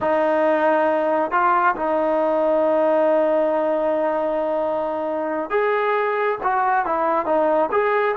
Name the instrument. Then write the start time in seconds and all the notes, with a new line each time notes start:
trombone
0.00 D#4
1.31 F4
1.75 D#4
5.50 G#4
6.43 F#4
6.85 E4
7.25 D#4
7.71 G#4